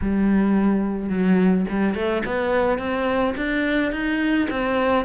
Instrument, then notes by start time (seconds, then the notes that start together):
cello
0.01 G3
1.09 F#3
1.69 G3
1.94 A3
2.25 B3
2.78 C4
3.36 D4
3.92 D#4
4.50 C4